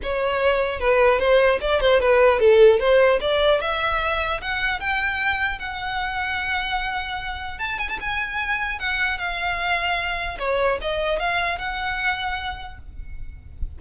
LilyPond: \new Staff \with { instrumentName = "violin" } { \time 4/4 \tempo 4 = 150 cis''2 b'4 c''4 | d''8 c''8 b'4 a'4 c''4 | d''4 e''2 fis''4 | g''2 fis''2~ |
fis''2. a''8 gis''16 a''16 | gis''2 fis''4 f''4~ | f''2 cis''4 dis''4 | f''4 fis''2. | }